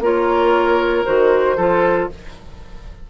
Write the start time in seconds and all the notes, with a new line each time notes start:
0.00 A#3 F4 A#4 C#5
1.05 D#3 F#4 C5
1.56 F3 F4 A4